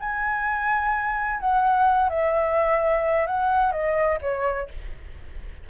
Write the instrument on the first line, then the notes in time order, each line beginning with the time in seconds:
flute
0.00 G#5
1.40 F#5
2.10 E5
3.27 F#5
3.72 D#5
4.22 C#5